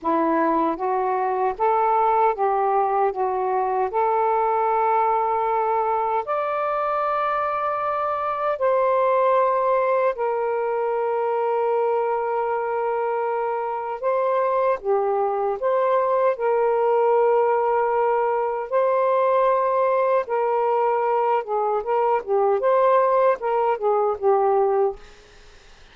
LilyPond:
\new Staff \with { instrumentName = "saxophone" } { \time 4/4 \tempo 4 = 77 e'4 fis'4 a'4 g'4 | fis'4 a'2. | d''2. c''4~ | c''4 ais'2.~ |
ais'2 c''4 g'4 | c''4 ais'2. | c''2 ais'4. gis'8 | ais'8 g'8 c''4 ais'8 gis'8 g'4 | }